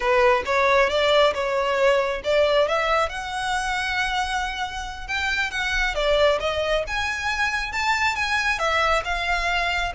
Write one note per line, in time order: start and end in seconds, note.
0.00 0.43 B4
0.45 0.89 C#5
0.89 1.33 D5
1.34 2.22 C#5
2.23 2.68 D5
2.68 3.09 E5
3.09 5.07 F#5
5.07 5.50 G5
5.50 5.94 F#5
5.94 6.39 D5
6.40 6.84 D#5
6.87 7.72 G#5
7.72 8.15 A5
8.15 8.58 G#5
8.58 9.02 E5
9.04 9.92 F5